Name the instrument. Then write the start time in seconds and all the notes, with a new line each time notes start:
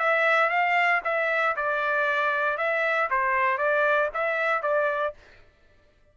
trumpet
0.00 E5
0.50 F5
1.04 E5
1.57 D5
2.58 E5
3.11 C5
3.58 D5
4.14 E5
4.63 D5